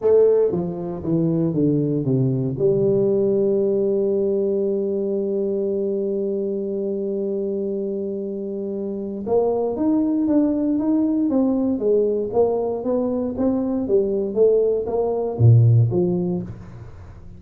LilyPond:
\new Staff \with { instrumentName = "tuba" } { \time 4/4 \tempo 4 = 117 a4 f4 e4 d4 | c4 g2.~ | g1~ | g1~ |
g2 ais4 dis'4 | d'4 dis'4 c'4 gis4 | ais4 b4 c'4 g4 | a4 ais4 ais,4 f4 | }